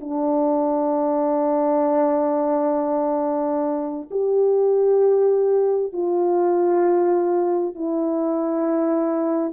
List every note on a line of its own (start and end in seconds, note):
0.00 4.09 D4
4.11 5.93 G4
5.93 7.74 F4
7.74 9.52 E4